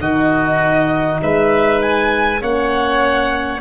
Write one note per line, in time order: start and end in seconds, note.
0.00 1.20 D#3
0.00 2.42 D#4
0.00 1.21 F#4
0.00 1.21 D#5
1.23 2.42 G#3
1.23 2.41 B4
1.23 1.82 E5
1.82 2.42 G#5
2.41 3.60 A#3
2.41 3.60 C#4
2.41 3.60 C#5
2.41 3.60 F#5